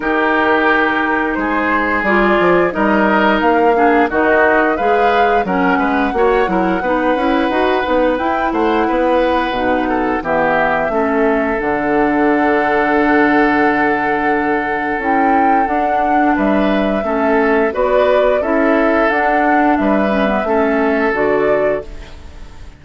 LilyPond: <<
  \new Staff \with { instrumentName = "flute" } { \time 4/4 \tempo 4 = 88 ais'2 c''4 d''4 | dis''4 f''4 dis''4 f''4 | fis''1 | g''8 fis''2~ fis''8 e''4~ |
e''4 fis''2.~ | fis''2 g''4 fis''4 | e''2 d''4 e''4 | fis''4 e''2 d''4 | }
  \new Staff \with { instrumentName = "oboe" } { \time 4/4 g'2 gis'2 | ais'4. gis'8 fis'4 b'4 | ais'8 b'8 cis''8 ais'8 b'2~ | b'8 c''8 b'4. a'8 g'4 |
a'1~ | a'1 | b'4 a'4 b'4 a'4~ | a'4 b'4 a'2 | }
  \new Staff \with { instrumentName = "clarinet" } { \time 4/4 dis'2. f'4 | dis'4. d'8 dis'4 gis'4 | cis'4 fis'8 e'8 dis'8 e'8 fis'8 dis'8 | e'2 dis'4 b4 |
cis'4 d'2.~ | d'2 e'4 d'4~ | d'4 cis'4 fis'4 e'4 | d'4. cis'16 b16 cis'4 fis'4 | }
  \new Staff \with { instrumentName = "bassoon" } { \time 4/4 dis2 gis4 g8 f8 | g4 ais4 dis4 gis4 | fis8 gis8 ais8 fis8 b8 cis'8 dis'8 b8 | e'8 a8 b4 b,4 e4 |
a4 d2.~ | d2 cis'4 d'4 | g4 a4 b4 cis'4 | d'4 g4 a4 d4 | }
>>